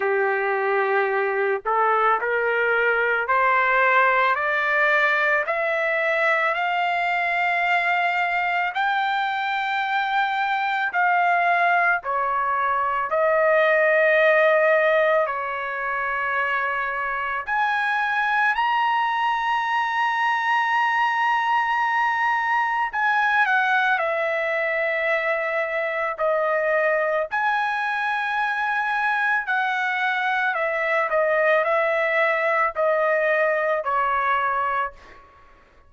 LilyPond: \new Staff \with { instrumentName = "trumpet" } { \time 4/4 \tempo 4 = 55 g'4. a'8 ais'4 c''4 | d''4 e''4 f''2 | g''2 f''4 cis''4 | dis''2 cis''2 |
gis''4 ais''2.~ | ais''4 gis''8 fis''8 e''2 | dis''4 gis''2 fis''4 | e''8 dis''8 e''4 dis''4 cis''4 | }